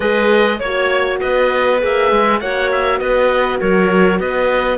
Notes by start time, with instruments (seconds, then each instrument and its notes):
0.00 cello G#3, horn G#4, clarinet B4, oboe D#5
0.59 cello A#3, horn F#4, clarinet C#5, oboe C#5
1.20 cello B3, clarinet B4, oboe D#5
1.79 cello A#3, horn G#4, oboe E5
2.11 cello G#3
2.40 cello A#3, horn F#4, clarinet C#5, oboe F#5
2.71 oboe E5
2.99 cello B3, clarinet B4, oboe D#5
3.59 cello F#3, clarinet A#4, oboe C#5
4.19 cello B3, clarinet B4, oboe D#5